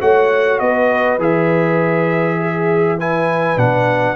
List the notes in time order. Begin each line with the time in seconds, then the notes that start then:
0.00 A3 F#4 C#5 F#5
0.59 B3 B4 D#5
1.18 E3 G#4 E5
2.40 G#4
2.97 E4 B4 G#5
3.56 B2 D4 F#5